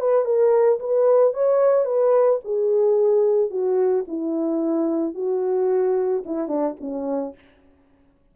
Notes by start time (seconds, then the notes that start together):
0.00 B4
0.25 A#4
0.80 B4
1.34 C#5
1.85 B4
2.44 G#4
3.50 F#4
4.08 E4
5.14 F#4
6.26 E4
6.48 D4
6.80 C#4